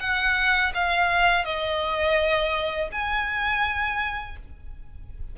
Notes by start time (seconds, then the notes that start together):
0.00 F#5
0.75 F5
1.45 D#5
2.92 G#5